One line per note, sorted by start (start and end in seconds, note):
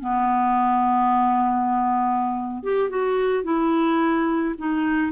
0.00 2.63 B3
2.63 2.90 G4
2.90 3.44 F#4
3.44 4.55 E4
4.58 5.12 D#4